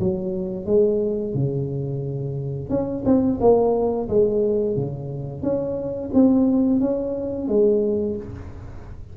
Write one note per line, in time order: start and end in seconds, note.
0.00 0.66 F#3
0.66 1.34 G#3
1.35 2.70 C#3
2.70 3.04 C#4
3.06 3.40 C4
3.41 4.09 A#3
4.09 4.76 G#3
4.76 5.43 C#3
5.43 6.11 C#4
6.14 6.80 C4
6.80 7.48 C#4
7.48 8.17 G#3